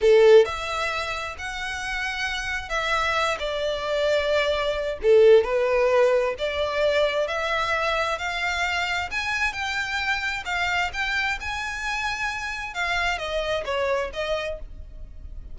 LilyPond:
\new Staff \with { instrumentName = "violin" } { \time 4/4 \tempo 4 = 132 a'4 e''2 fis''4~ | fis''2 e''4. d''8~ | d''2. a'4 | b'2 d''2 |
e''2 f''2 | gis''4 g''2 f''4 | g''4 gis''2. | f''4 dis''4 cis''4 dis''4 | }